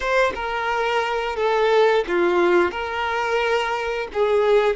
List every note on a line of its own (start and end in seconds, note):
0.00 0.32 C5
0.34 1.36 A#4
1.36 2.04 A4
2.07 2.71 F4
2.71 4.07 A#4
4.13 4.76 G#4